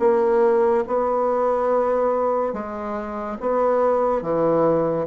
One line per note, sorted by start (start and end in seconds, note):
0.00 0.85 A#3
0.88 2.54 B3
2.54 3.38 G#3
3.41 4.22 B3
4.22 5.07 E3